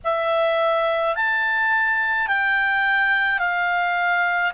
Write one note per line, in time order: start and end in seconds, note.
0.04 1.15 E5
1.15 2.27 A5
2.27 3.39 G5
3.39 4.52 F5